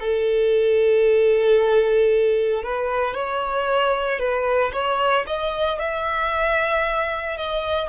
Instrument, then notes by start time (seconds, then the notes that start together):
violin
0.00 A4
2.63 B4
3.14 C#5
4.19 B4
4.73 C#5
5.27 D#5
5.79 E5
7.37 D#5